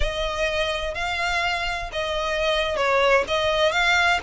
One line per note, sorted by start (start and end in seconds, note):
0.00 0.94 D#5
0.94 1.90 F5
1.92 2.76 D#5
2.76 3.24 C#5
3.27 3.71 D#5
3.71 4.19 F5